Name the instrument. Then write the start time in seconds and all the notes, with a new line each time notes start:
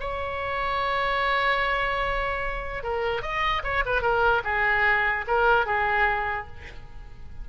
oboe
0.00 C#5
2.83 A#4
3.22 D#5
3.64 C#5
3.85 B4
4.01 A#4
4.44 G#4
5.27 A#4
5.66 G#4